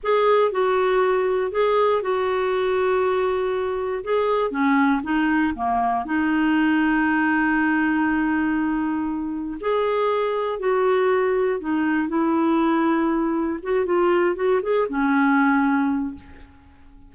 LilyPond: \new Staff \with { instrumentName = "clarinet" } { \time 4/4 \tempo 4 = 119 gis'4 fis'2 gis'4 | fis'1 | gis'4 cis'4 dis'4 ais4 | dis'1~ |
dis'2. gis'4~ | gis'4 fis'2 dis'4 | e'2. fis'8 f'8~ | f'8 fis'8 gis'8 cis'2~ cis'8 | }